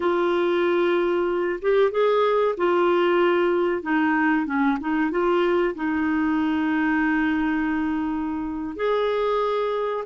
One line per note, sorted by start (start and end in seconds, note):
0.00 1.60 F4
1.61 1.91 G4
1.91 2.55 G#4
2.57 3.82 F4
3.82 4.46 D#4
4.46 4.78 C#4
4.80 5.10 D#4
5.10 5.74 F4
5.75 8.76 D#4
8.76 10.04 G#4